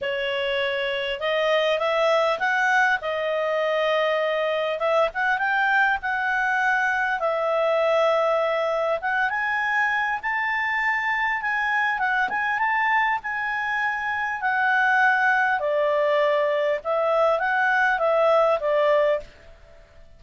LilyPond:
\new Staff \with { instrumentName = "clarinet" } { \time 4/4 \tempo 4 = 100 cis''2 dis''4 e''4 | fis''4 dis''2. | e''8 fis''8 g''4 fis''2 | e''2. fis''8 gis''8~ |
gis''4 a''2 gis''4 | fis''8 gis''8 a''4 gis''2 | fis''2 d''2 | e''4 fis''4 e''4 d''4 | }